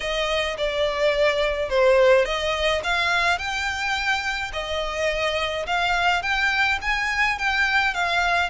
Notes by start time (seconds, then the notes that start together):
0.00 D#5
0.57 D5
1.69 C5
2.25 D#5
2.83 F5
3.38 G5
4.53 D#5
5.66 F5
6.22 G5
6.81 G#5
7.38 G5
7.94 F5